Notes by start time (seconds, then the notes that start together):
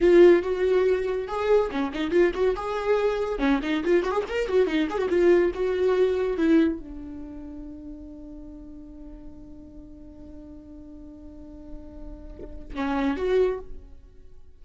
0.00 F4
0.43 F#4
1.27 G#4
1.71 C#4
1.93 D#4
2.10 F4
2.34 F#4
2.55 G#4
3.38 C#4
3.62 D#4
3.84 F4
4.03 F#4
4.11 G#4
4.28 A#4
4.48 F#4
4.66 D#4
4.90 G#4
4.97 F#4
5.09 F4
5.54 F#4
6.37 E4
6.79 D4
12.74 C#4
13.16 F#4